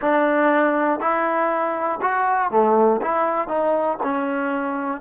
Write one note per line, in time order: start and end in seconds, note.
0.01 1.00 D4
1.00 2.00 E4
2.01 2.50 F#4
2.50 3.00 A3
3.01 3.47 E4
3.47 3.98 D#4
4.02 5.01 C#4